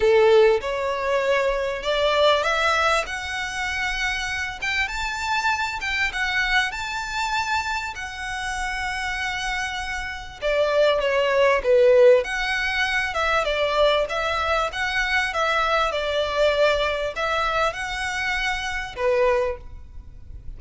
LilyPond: \new Staff \with { instrumentName = "violin" } { \time 4/4 \tempo 4 = 98 a'4 cis''2 d''4 | e''4 fis''2~ fis''8 g''8 | a''4. g''8 fis''4 a''4~ | a''4 fis''2.~ |
fis''4 d''4 cis''4 b'4 | fis''4. e''8 d''4 e''4 | fis''4 e''4 d''2 | e''4 fis''2 b'4 | }